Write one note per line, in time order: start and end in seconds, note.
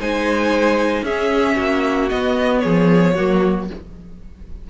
0.00 1.03 G#3
0.00 1.06 D#4
0.00 1.04 C5
0.00 1.05 G#5
1.03 1.55 C#4
1.03 2.10 C#4
1.03 1.57 G#4
1.03 2.09 E5
1.57 2.11 A#3
1.57 2.62 F#4
2.09 3.15 B3
2.09 2.64 B3
2.09 2.60 D#5
2.60 3.18 F3
2.60 3.15 G#4
2.60 3.65 C#5
3.15 3.71 F#3
3.15 3.70 A#3
3.15 3.68 F#4